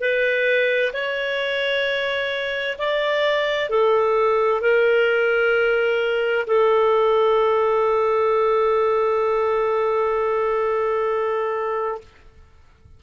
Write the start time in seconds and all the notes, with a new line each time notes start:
0.00 B4
0.93 C#5
2.78 D5
3.69 A4
4.61 A#4
6.47 A4